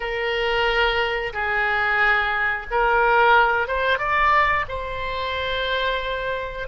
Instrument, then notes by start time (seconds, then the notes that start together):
oboe
0.00 A#4
1.33 G#4
2.71 A#4
3.67 C5
3.98 D5
4.68 C5